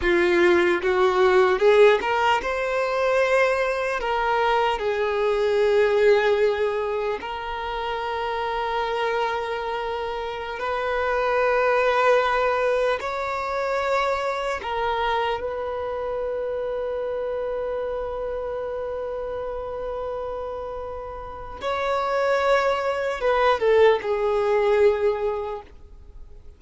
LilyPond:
\new Staff \with { instrumentName = "violin" } { \time 4/4 \tempo 4 = 75 f'4 fis'4 gis'8 ais'8 c''4~ | c''4 ais'4 gis'2~ | gis'4 ais'2.~ | ais'4~ ais'16 b'2~ b'8.~ |
b'16 cis''2 ais'4 b'8.~ | b'1~ | b'2. cis''4~ | cis''4 b'8 a'8 gis'2 | }